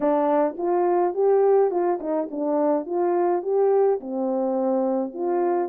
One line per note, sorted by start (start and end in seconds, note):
0.00 0.56 D4
0.57 1.14 F4
1.14 1.70 G4
1.70 1.99 F4
2.00 2.29 D#4
2.31 2.86 D4
2.86 3.42 F4
3.42 3.99 G4
4.00 5.13 C4
5.13 5.69 F4